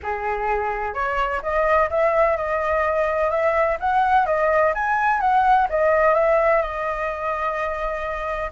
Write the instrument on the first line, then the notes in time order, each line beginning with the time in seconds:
flute
0.03 G#4
0.94 C#5
1.42 D#5
1.90 E5
2.36 D#5
3.30 E5
3.80 F#5
4.26 D#5
4.74 G#5
5.20 F#5
5.69 D#5
6.14 E5
6.61 D#5